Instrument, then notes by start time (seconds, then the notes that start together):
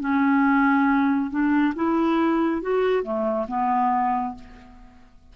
clarinet
0.00 C#4
1.30 D4
1.75 E4
2.62 F#4
3.03 A3
3.48 B3